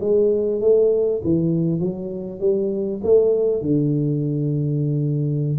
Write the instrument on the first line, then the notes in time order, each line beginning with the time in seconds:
tuba
0.00 G#3
0.61 A3
1.23 E3
1.79 F#3
2.40 G3
3.03 A3
3.61 D3